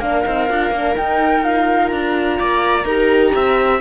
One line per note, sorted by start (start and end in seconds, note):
0.00 0.24 A#3
0.00 0.25 D4
0.00 2.38 A#4
0.00 0.96 F5
0.25 0.50 C4
0.25 0.48 D#4
0.49 0.71 D4
0.49 0.73 F4
0.71 0.95 A#3
0.71 0.94 D4
0.94 1.42 D#4
0.94 1.92 D#4
0.94 1.44 G5
1.44 2.87 F4
1.44 1.88 F5
1.88 2.39 D4
1.88 3.78 A#5
2.39 2.85 A#3
2.39 2.85 D5
2.85 3.33 D#4
2.85 3.82 G4
2.85 3.33 A#4
3.36 3.82 C4
3.36 3.82 E5